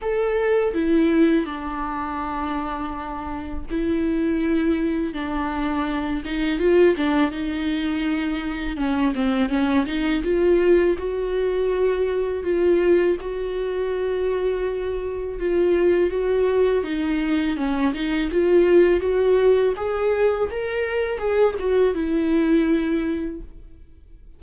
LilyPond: \new Staff \with { instrumentName = "viola" } { \time 4/4 \tempo 4 = 82 a'4 e'4 d'2~ | d'4 e'2 d'4~ | d'8 dis'8 f'8 d'8 dis'2 | cis'8 c'8 cis'8 dis'8 f'4 fis'4~ |
fis'4 f'4 fis'2~ | fis'4 f'4 fis'4 dis'4 | cis'8 dis'8 f'4 fis'4 gis'4 | ais'4 gis'8 fis'8 e'2 | }